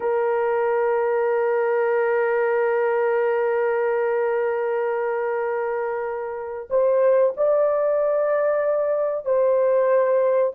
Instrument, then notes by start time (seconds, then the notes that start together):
horn
0.00 A#4
6.70 C5
7.36 D5
9.25 C5